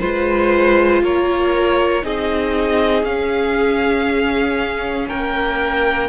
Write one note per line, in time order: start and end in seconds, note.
0.00 1.01 G#3
0.00 2.02 F4
0.00 1.02 B4
0.00 1.02 C5
1.01 2.03 A#3
1.01 2.03 A#4
1.01 2.05 C#5
2.02 3.03 C4
2.02 3.04 D#4
2.02 5.08 G#4
2.02 3.04 D#5
3.03 5.06 C#4
3.03 6.08 C#4
3.03 5.08 F5
5.08 6.08 A#3
5.08 6.08 A#4
5.08 6.08 G5